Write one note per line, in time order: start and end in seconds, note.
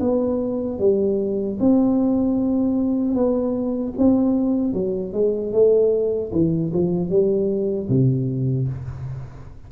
0.00 0.79 B3
0.79 1.58 G3
1.60 3.14 C4
3.14 3.93 B3
3.97 4.73 C4
4.73 5.12 F#3
5.12 5.52 G#3
5.52 6.31 A3
6.32 6.71 E3
6.73 7.09 F3
7.09 7.88 G3
7.89 8.68 C3